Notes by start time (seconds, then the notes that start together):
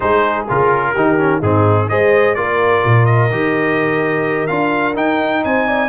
0.00 G#3 D#4 G#4 C5
0.48 C#3 F4 A#4
0.92 D#3 D#4 G4
1.18 C#4
1.40 G#2 C4 D#4 G#4
1.88 G#3 G#4 C5 D#5
2.35 A#3 F4 A#4 D5
2.84 A#2
3.05 D#5
3.30 D#3 G4
4.47 D4 F4 F5
4.95 D#4 G5
5.44 C4 C5 G#5
5.67 D5